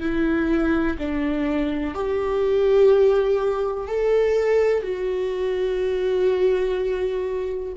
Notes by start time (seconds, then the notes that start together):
0.00 E4
0.99 D4
1.94 G4
3.87 A4
4.82 F#4